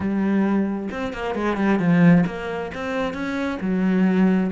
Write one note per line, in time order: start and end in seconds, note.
0.00 0.89 G3
0.91 1.13 C4
1.13 1.34 A#3
1.34 1.56 G#3
1.56 1.79 G3
1.79 2.24 F3
2.26 2.71 A#3
2.74 3.13 C4
3.13 3.58 C#4
3.60 4.51 F#3